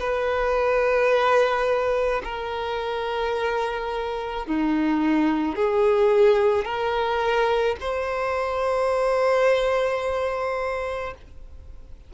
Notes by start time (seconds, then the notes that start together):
0.00 B4
2.24 A#4
4.46 D#4
5.56 G#4
6.65 A#4
7.81 C5